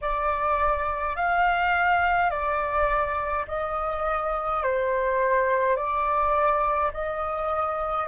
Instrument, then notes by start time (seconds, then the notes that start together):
flute
0.01 D5
1.15 F5
2.30 D5
3.47 D#5
4.63 C5
5.76 D5
6.93 D#5